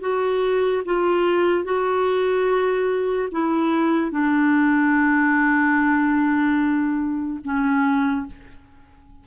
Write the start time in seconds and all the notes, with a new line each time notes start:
0.00 F#4
0.85 F4
1.64 F#4
3.31 E4
4.11 D4
7.44 C#4